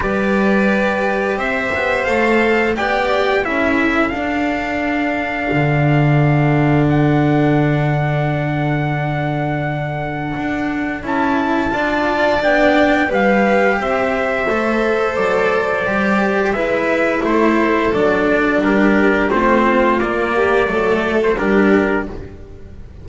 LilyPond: <<
  \new Staff \with { instrumentName = "trumpet" } { \time 4/4 \tempo 4 = 87 d''2 e''4 f''4 | g''4 e''4 f''2~ | f''2 fis''2~ | fis''1 |
a''2 g''4 f''4 | e''2 d''2 | e''4 c''4 d''4 ais'4 | c''4 d''4.~ d''16 c''16 ais'4 | }
  \new Staff \with { instrumentName = "violin" } { \time 4/4 b'2 c''2 | d''4 a'2.~ | a'1~ | a'1~ |
a'4 d''2 b'4 | c''1 | b'4 a'2 g'4 | f'4. g'8 a'4 g'4 | }
  \new Staff \with { instrumentName = "cello" } { \time 4/4 g'2. a'4 | g'4 e'4 d'2~ | d'1~ | d'1 |
e'4 f'4 d'4 g'4~ | g'4 a'2 g'4 | e'2 d'2 | c'4 ais4 a4 d'4 | }
  \new Staff \with { instrumentName = "double bass" } { \time 4/4 g2 c'8 b8 a4 | b4 cis'4 d'2 | d1~ | d2. d'4 |
cis'4 d'4 b4 g4 | c'4 a4 fis4 g4 | gis4 a4 fis4 g4 | a4 ais4 fis4 g4 | }
>>